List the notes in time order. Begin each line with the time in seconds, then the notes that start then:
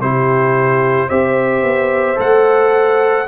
0.00 C3 E4 G4 C5
1.09 C4 G4 C5 E5
1.63 B3
2.16 A3 A4 F#5